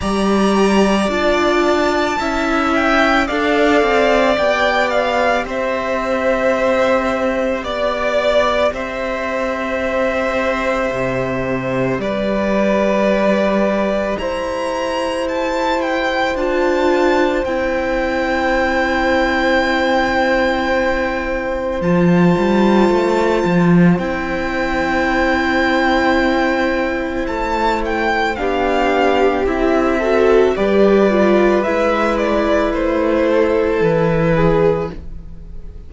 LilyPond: <<
  \new Staff \with { instrumentName = "violin" } { \time 4/4 \tempo 4 = 55 ais''4 a''4. g''8 f''4 | g''8 f''8 e''2 d''4 | e''2. d''4~ | d''4 ais''4 a''8 g''8 a''4 |
g''1 | a''2 g''2~ | g''4 a''8 g''8 f''4 e''4 | d''4 e''8 d''8 c''4 b'4 | }
  \new Staff \with { instrumentName = "violin" } { \time 4/4 d''2 e''4 d''4~ | d''4 c''2 d''4 | c''2. b'4~ | b'4 c''2.~ |
c''1~ | c''1~ | c''2 g'4. a'8 | b'2~ b'8 a'4 gis'8 | }
  \new Staff \with { instrumentName = "viola" } { \time 4/4 g'4 f'4 e'4 a'4 | g'1~ | g'1~ | g'2. f'4 |
e'1 | f'2 e'2~ | e'2 d'4 e'8 fis'8 | g'8 f'8 e'2. | }
  \new Staff \with { instrumentName = "cello" } { \time 4/4 g4 d'4 cis'4 d'8 c'8 | b4 c'2 b4 | c'2 c4 g4~ | g4 e'2 d'4 |
c'1 | f8 g8 a8 f8 c'2~ | c'4 a4 b4 c'4 | g4 gis4 a4 e4 | }
>>